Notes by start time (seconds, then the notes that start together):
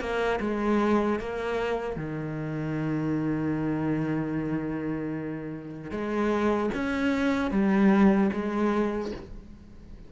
0.00 A#3
0.40 G#3
1.19 A#3
1.96 D#3
5.91 G#3
6.74 C#4
7.51 G3
8.33 G#3